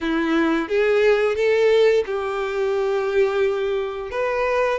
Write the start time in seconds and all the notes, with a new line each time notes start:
0.01 E4
0.68 G#4
1.35 A4
2.06 G4
4.10 B4